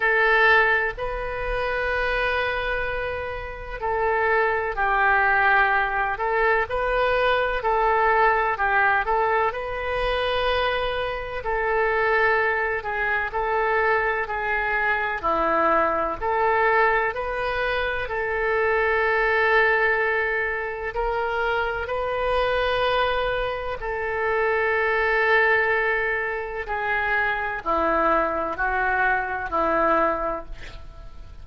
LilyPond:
\new Staff \with { instrumentName = "oboe" } { \time 4/4 \tempo 4 = 63 a'4 b'2. | a'4 g'4. a'8 b'4 | a'4 g'8 a'8 b'2 | a'4. gis'8 a'4 gis'4 |
e'4 a'4 b'4 a'4~ | a'2 ais'4 b'4~ | b'4 a'2. | gis'4 e'4 fis'4 e'4 | }